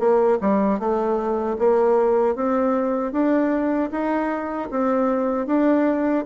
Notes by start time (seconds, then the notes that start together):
0.00 A#3
0.41 G3
0.80 A3
1.59 A#3
2.36 C4
3.13 D4
3.92 D#4
4.71 C4
5.47 D4